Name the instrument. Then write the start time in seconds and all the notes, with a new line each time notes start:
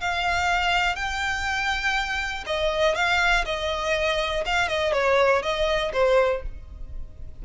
violin
0.00 F5
0.95 G5
2.46 D#5
2.95 F5
3.45 D#5
4.45 F5
4.68 D#5
4.92 C#5
5.42 D#5
5.93 C5